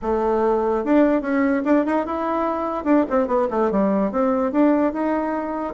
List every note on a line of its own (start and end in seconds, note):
0.02 0.84 A3
0.84 1.21 D4
1.21 1.62 C#4
1.64 1.85 D4
1.85 2.05 D#4
2.05 2.84 E4
2.84 3.05 D4
3.10 3.27 C4
3.27 3.47 B3
3.50 3.71 A3
3.71 4.11 G3
4.11 4.52 C4
4.52 4.92 D4
4.92 5.74 D#4